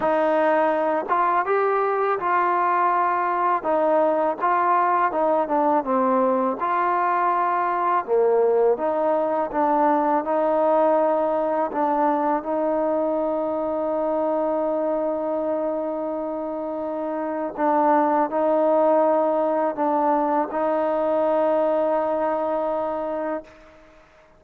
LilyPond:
\new Staff \with { instrumentName = "trombone" } { \time 4/4 \tempo 4 = 82 dis'4. f'8 g'4 f'4~ | f'4 dis'4 f'4 dis'8 d'8 | c'4 f'2 ais4 | dis'4 d'4 dis'2 |
d'4 dis'2.~ | dis'1 | d'4 dis'2 d'4 | dis'1 | }